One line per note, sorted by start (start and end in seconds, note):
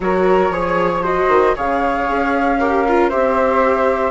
0.00 0.49 F#3
0.00 0.52 F#4
0.00 0.53 A#4
0.00 1.03 C#5
0.49 1.27 F3
0.49 1.03 G#4
0.49 1.02 C#5
1.02 1.55 F#4
1.02 1.54 C5
1.02 1.55 D#5
1.27 1.53 D#3
1.55 2.09 C#3
1.55 2.59 G#4
1.55 2.58 C#5
1.55 3.09 F5
2.09 3.12 C#4
2.59 2.85 G4
2.59 3.09 A#4
2.88 3.10 F4
3.09 4.10 C4
3.09 4.10 G4
3.09 4.10 C5
3.09 4.10 E5